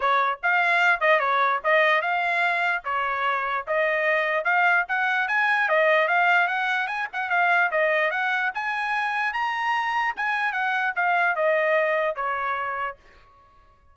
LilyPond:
\new Staff \with { instrumentName = "trumpet" } { \time 4/4 \tempo 4 = 148 cis''4 f''4. dis''8 cis''4 | dis''4 f''2 cis''4~ | cis''4 dis''2 f''4 | fis''4 gis''4 dis''4 f''4 |
fis''4 gis''8 fis''8 f''4 dis''4 | fis''4 gis''2 ais''4~ | ais''4 gis''4 fis''4 f''4 | dis''2 cis''2 | }